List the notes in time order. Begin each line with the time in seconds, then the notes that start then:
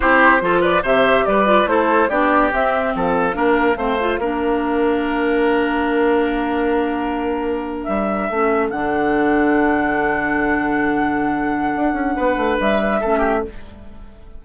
0.00 C4 E4 G4 C5
0.40 F3 F4 A4
0.60 B4 D5
0.82 C3 G4 C5 E5
1.26 G3 B4 D5
1.45 F4
1.66 A3 E4 A4 C5
2.09 B3 D4 G4 D5
2.51 C4 E5
2.93 F3 A4 F5
3.33 A#3 D4 A#4
3.76 A3 C4 C5
4.00 F4
4.18 A#3 D4 A#4
7.84 G3 E5
8.28 A3 C#4 A4
8.70 D3 D4 F#5
11.75 D4
11.93 C#4
12.16 B3 B4
12.36 A3
12.60 G3 E5
13.00 A3 C#4 A4
13.18 G4